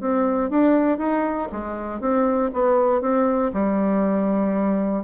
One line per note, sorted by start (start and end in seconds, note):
0.00 0.50 C4
0.50 0.98 D4
0.98 1.48 D#4
1.52 2.00 G#3
2.00 2.50 C4
2.53 3.01 B3
3.01 3.51 C4
3.53 5.04 G3